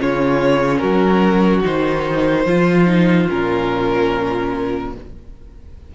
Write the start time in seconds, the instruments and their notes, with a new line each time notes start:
0.00 cello C#3, viola C#4, violin F4 C#5
0.78 cello F#3, violin F#4 A#4
1.64 cello D#3, viola D#4, violin C5
2.44 cello F3, violin F4, viola F4
2.86 viola D#4
3.29 cello A#2, viola C#4, violin A#4